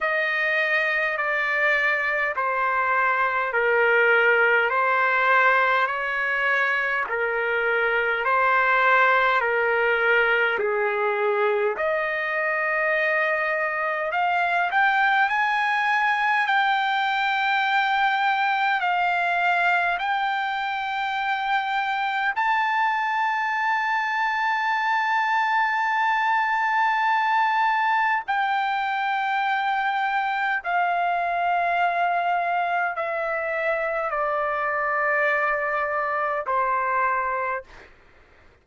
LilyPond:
\new Staff \with { instrumentName = "trumpet" } { \time 4/4 \tempo 4 = 51 dis''4 d''4 c''4 ais'4 | c''4 cis''4 ais'4 c''4 | ais'4 gis'4 dis''2 | f''8 g''8 gis''4 g''2 |
f''4 g''2 a''4~ | a''1 | g''2 f''2 | e''4 d''2 c''4 | }